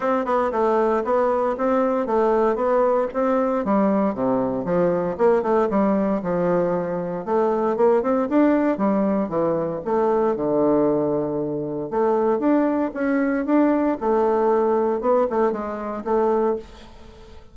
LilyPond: \new Staff \with { instrumentName = "bassoon" } { \time 4/4 \tempo 4 = 116 c'8 b8 a4 b4 c'4 | a4 b4 c'4 g4 | c4 f4 ais8 a8 g4 | f2 a4 ais8 c'8 |
d'4 g4 e4 a4 | d2. a4 | d'4 cis'4 d'4 a4~ | a4 b8 a8 gis4 a4 | }